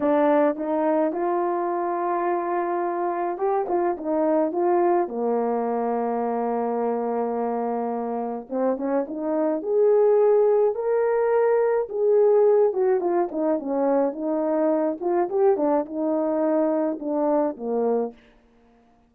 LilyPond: \new Staff \with { instrumentName = "horn" } { \time 4/4 \tempo 4 = 106 d'4 dis'4 f'2~ | f'2 g'8 f'8 dis'4 | f'4 ais2.~ | ais2. c'8 cis'8 |
dis'4 gis'2 ais'4~ | ais'4 gis'4. fis'8 f'8 dis'8 | cis'4 dis'4. f'8 g'8 d'8 | dis'2 d'4 ais4 | }